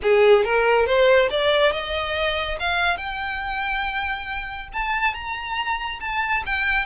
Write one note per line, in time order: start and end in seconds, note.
0.02 0.44 G#4
0.44 0.86 A#4
0.86 1.29 C5
1.30 1.72 D5
1.72 2.58 D#5
2.59 2.97 F5
2.97 4.68 G5
4.73 5.14 A5
5.14 5.99 A#5
6.00 6.43 A5
6.46 6.85 G5